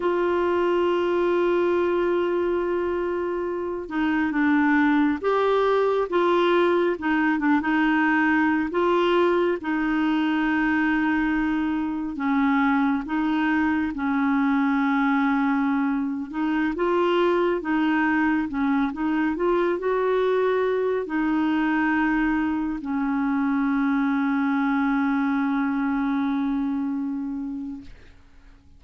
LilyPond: \new Staff \with { instrumentName = "clarinet" } { \time 4/4 \tempo 4 = 69 f'1~ | f'8 dis'8 d'4 g'4 f'4 | dis'8 d'16 dis'4~ dis'16 f'4 dis'4~ | dis'2 cis'4 dis'4 |
cis'2~ cis'8. dis'8 f'8.~ | f'16 dis'4 cis'8 dis'8 f'8 fis'4~ fis'16~ | fis'16 dis'2 cis'4.~ cis'16~ | cis'1 | }